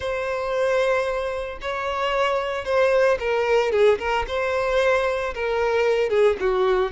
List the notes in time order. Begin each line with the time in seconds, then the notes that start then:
0.00 C5
1.61 C#5
2.65 C5
3.19 A#4
3.71 G#4
3.98 A#4
4.27 C5
5.34 A#4
6.09 G#4
6.40 F#4